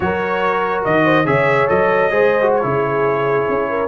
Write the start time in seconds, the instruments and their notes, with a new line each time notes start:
0.00 tuba F#3, trombone F#4, horn A#4, trumpet C#5
0.84 tuba D#3, trumpet D#5
1.04 horn C5
1.25 tuba C#3, trombone G#4, horn C#5, trumpet E5
1.68 tuba F#3, trombone A4, trumpet D#5
2.10 tuba G#3, trombone G#4, horn C5
2.41 trombone F#4
2.55 trumpet C#5
2.62 tuba C#3, trombone E4, horn G#4
3.48 tuba C#4
3.69 horn A#4